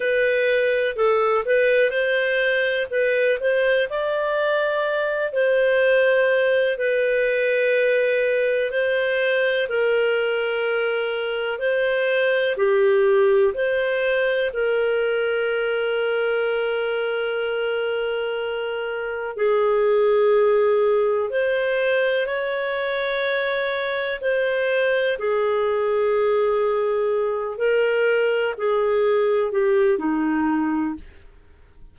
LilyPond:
\new Staff \with { instrumentName = "clarinet" } { \time 4/4 \tempo 4 = 62 b'4 a'8 b'8 c''4 b'8 c''8 | d''4. c''4. b'4~ | b'4 c''4 ais'2 | c''4 g'4 c''4 ais'4~ |
ais'1 | gis'2 c''4 cis''4~ | cis''4 c''4 gis'2~ | gis'8 ais'4 gis'4 g'8 dis'4 | }